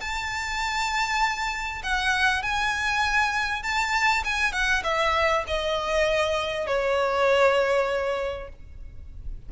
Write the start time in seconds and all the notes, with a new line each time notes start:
0.00 A5
1.83 F#5
2.42 G#5
3.63 A5
4.24 G#5
4.52 F#5
4.83 E5
5.47 D#5
6.67 C#5